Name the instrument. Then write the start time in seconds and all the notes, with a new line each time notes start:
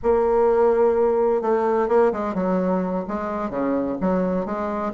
bassoon
0.02 A#3
1.41 A3
1.88 A#3
2.12 G#3
2.34 F#3
3.07 G#3
3.50 C#3
4.00 F#3
4.45 G#3